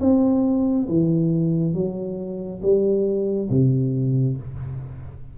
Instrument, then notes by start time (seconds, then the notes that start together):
tuba
0.00 C4
0.88 E3
1.74 F#3
2.62 G3
3.49 C3